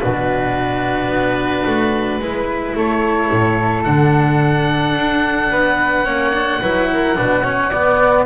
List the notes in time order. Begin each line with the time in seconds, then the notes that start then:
0.00 B2 D4 F#4 B4
1.09 B3
1.67 A3
2.19 G#3 E4 B4
2.76 A3 A4 C#5
3.32 A2
3.84 D3 D4 F#5
4.96 D4
5.51 B3 B4
6.06 A#3 C#4 C#5
6.35 D4
6.61 F#3 E4 B4
6.93 A#4
7.16 B2 D4 B4
7.43 C#4 C#5
7.70 B3 D5